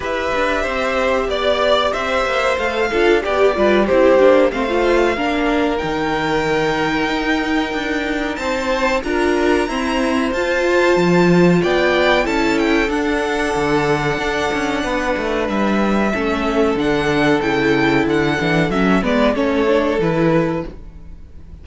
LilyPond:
<<
  \new Staff \with { instrumentName = "violin" } { \time 4/4 \tempo 4 = 93 e''2 d''4 e''4 | f''4 d''4 c''4 f''4~ | f''4 g''2.~ | g''4 a''4 ais''2 |
a''2 g''4 a''8 g''8 | fis''1 | e''2 fis''4 g''4 | fis''4 e''8 d''8 cis''4 b'4 | }
  \new Staff \with { instrumentName = "violin" } { \time 4/4 b'4 c''4 d''4 c''4~ | c''8 a'8 g'8 b'8 g'4 c''4 | ais'1~ | ais'4 c''4 ais'4 c''4~ |
c''2 d''4 a'4~ | a'2. b'4~ | b'4 a'2.~ | a'4. b'8 a'2 | }
  \new Staff \with { instrumentName = "viola" } { \time 4/4 g'1 | a'8 f'8 g'8 f'8 e'8 d'8 c'16 f'8. | d'4 dis'2.~ | dis'2 f'4 c'4 |
f'2. e'4 | d'1~ | d'4 cis'4 d'4 e'4~ | e'8 d'8 cis'8 b8 cis'8 d'8 e'4 | }
  \new Staff \with { instrumentName = "cello" } { \time 4/4 e'8 d'8 c'4 b4 c'8 ais8 | a8 d'8 b8 g8 c'8 ais8 a4 | ais4 dis2 dis'4 | d'4 c'4 d'4 e'4 |
f'4 f4 b4 cis'4 | d'4 d4 d'8 cis'8 b8 a8 | g4 a4 d4 cis4 | d8 e8 fis8 gis8 a4 e4 | }
>>